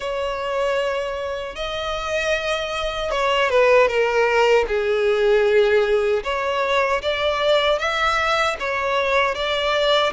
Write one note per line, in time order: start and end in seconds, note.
0.00 1.55 C#5
1.55 3.11 D#5
3.11 3.49 C#5
3.49 3.87 B4
3.87 4.65 A#4
4.67 6.23 G#4
6.23 7.01 C#5
7.02 7.78 D5
7.78 8.56 E5
8.59 9.35 C#5
9.35 10.13 D5